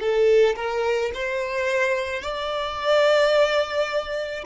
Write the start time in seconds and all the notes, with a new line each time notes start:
0.00 A4
0.56 A#4
1.15 C5
2.22 D5